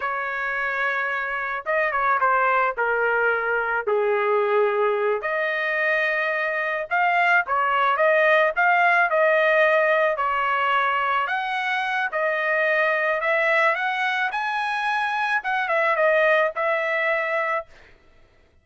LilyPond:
\new Staff \with { instrumentName = "trumpet" } { \time 4/4 \tempo 4 = 109 cis''2. dis''8 cis''8 | c''4 ais'2 gis'4~ | gis'4. dis''2~ dis''8~ | dis''8 f''4 cis''4 dis''4 f''8~ |
f''8 dis''2 cis''4.~ | cis''8 fis''4. dis''2 | e''4 fis''4 gis''2 | fis''8 e''8 dis''4 e''2 | }